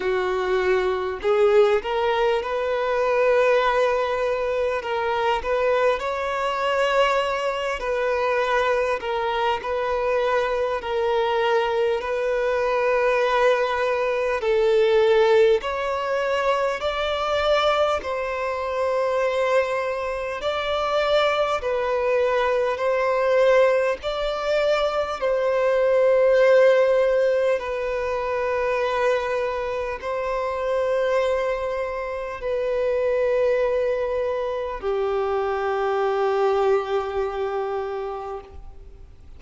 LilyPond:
\new Staff \with { instrumentName = "violin" } { \time 4/4 \tempo 4 = 50 fis'4 gis'8 ais'8 b'2 | ais'8 b'8 cis''4. b'4 ais'8 | b'4 ais'4 b'2 | a'4 cis''4 d''4 c''4~ |
c''4 d''4 b'4 c''4 | d''4 c''2 b'4~ | b'4 c''2 b'4~ | b'4 g'2. | }